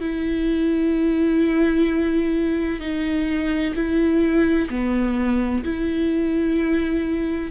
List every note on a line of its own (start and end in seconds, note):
0.00 2.80 E4
2.80 3.74 D#4
3.75 4.69 E4
4.70 5.63 B3
5.64 7.51 E4